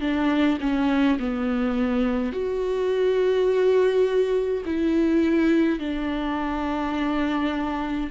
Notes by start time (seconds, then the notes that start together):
0.00 D4
0.60 C#4
1.19 B3
2.32 F#4
4.65 E4
5.79 D4